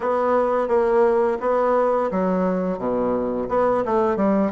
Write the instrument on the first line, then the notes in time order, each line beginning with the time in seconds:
bassoon
0.00 B3
0.68 A#3
1.40 B3
2.11 F#3
2.78 B2
3.49 B3
3.85 A3
4.16 G3